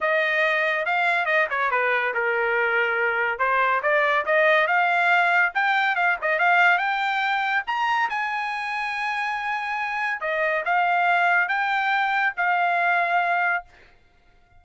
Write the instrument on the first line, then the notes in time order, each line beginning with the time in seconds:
trumpet
0.00 D#5
0.85 F5
1.25 D#5
1.50 C#5
1.71 B4
2.14 A#4
3.38 C5
3.82 D5
4.25 D#5
4.67 F5
5.54 G5
5.95 F5
6.21 D#5
6.38 F5
6.78 G5
7.66 A#5
8.09 G#5
10.21 D#5
10.65 F5
11.48 G5
12.37 F5